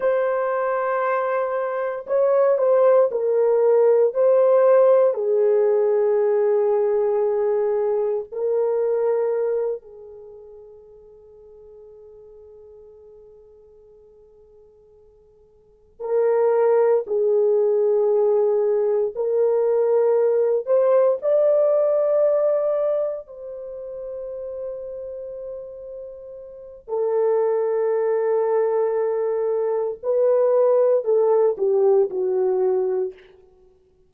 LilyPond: \new Staff \with { instrumentName = "horn" } { \time 4/4 \tempo 4 = 58 c''2 cis''8 c''8 ais'4 | c''4 gis'2. | ais'4. gis'2~ gis'8~ | gis'2.~ gis'8 ais'8~ |
ais'8 gis'2 ais'4. | c''8 d''2 c''4.~ | c''2 a'2~ | a'4 b'4 a'8 g'8 fis'4 | }